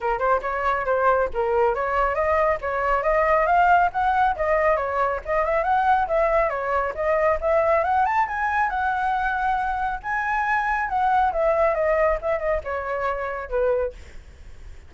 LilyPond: \new Staff \with { instrumentName = "flute" } { \time 4/4 \tempo 4 = 138 ais'8 c''8 cis''4 c''4 ais'4 | cis''4 dis''4 cis''4 dis''4 | f''4 fis''4 dis''4 cis''4 | dis''8 e''8 fis''4 e''4 cis''4 |
dis''4 e''4 fis''8 a''8 gis''4 | fis''2. gis''4~ | gis''4 fis''4 e''4 dis''4 | e''8 dis''8 cis''2 b'4 | }